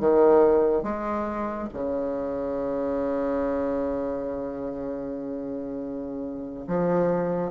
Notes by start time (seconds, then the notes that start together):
0.00 D#3
0.83 G#3
1.73 C#3
6.68 F3